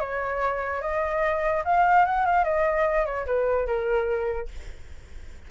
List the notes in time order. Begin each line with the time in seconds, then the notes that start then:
0.00 C#5
0.82 D#5
1.65 F5
2.05 F#5
2.26 F5
2.44 D#5
3.05 C#5
3.26 B4
3.67 A#4